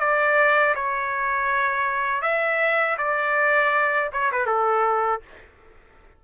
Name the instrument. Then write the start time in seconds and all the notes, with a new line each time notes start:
trumpet
0.00 D5
0.75 C#5
2.22 E5
2.98 D5
4.13 C#5
4.32 B4
4.47 A4